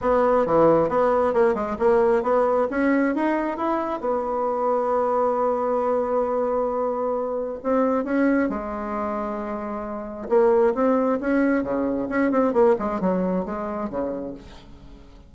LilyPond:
\new Staff \with { instrumentName = "bassoon" } { \time 4/4 \tempo 4 = 134 b4 e4 b4 ais8 gis8 | ais4 b4 cis'4 dis'4 | e'4 b2.~ | b1~ |
b4 c'4 cis'4 gis4~ | gis2. ais4 | c'4 cis'4 cis4 cis'8 c'8 | ais8 gis8 fis4 gis4 cis4 | }